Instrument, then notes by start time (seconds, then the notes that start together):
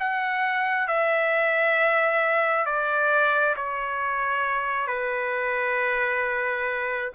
trumpet
0.00 F#5
0.88 E5
2.66 D5
3.57 C#5
4.88 B4